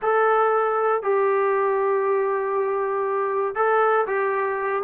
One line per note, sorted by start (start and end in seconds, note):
0.02 1.02 A4
1.02 3.55 G4
3.55 4.06 A4
4.07 4.83 G4